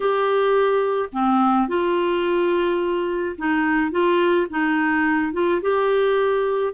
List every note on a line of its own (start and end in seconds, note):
0.00 1.09 G4
1.12 1.67 C4
1.67 3.36 F4
3.38 3.91 D#4
3.91 4.47 F4
4.50 5.33 D#4
5.33 5.61 F4
5.61 6.73 G4